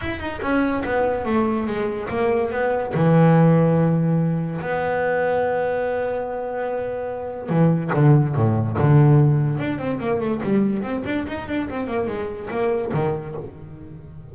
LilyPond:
\new Staff \with { instrumentName = "double bass" } { \time 4/4 \tempo 4 = 144 e'8 dis'8 cis'4 b4 a4 | gis4 ais4 b4 e4~ | e2. b4~ | b1~ |
b2 e4 d4 | a,4 d2 d'8 c'8 | ais8 a8 g4 c'8 d'8 dis'8 d'8 | c'8 ais8 gis4 ais4 dis4 | }